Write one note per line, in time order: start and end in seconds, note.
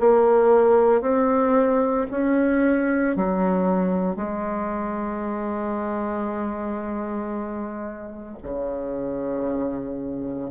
0.00 1.01 A#3
1.01 2.06 C4
2.11 3.16 C#4
3.16 4.16 F#3
4.16 8.37 G#3
8.43 10.51 C#3